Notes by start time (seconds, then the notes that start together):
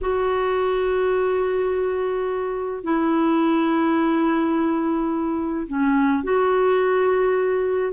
0.01 F#4
2.83 E4
5.67 C#4
6.23 F#4